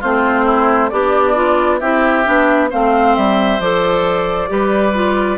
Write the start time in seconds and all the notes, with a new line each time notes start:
0.00 A3 C4 F4 C5
0.45 E4
0.89 B3 D4 G4 D5
1.35 F4
1.79 C4 E4 G4 E5
2.24 B3 D4
2.70 A3 C4 C5 F5
3.15 G3 E5
3.59 F3 A4 D5
4.48 G3 G4 B4
4.93 F4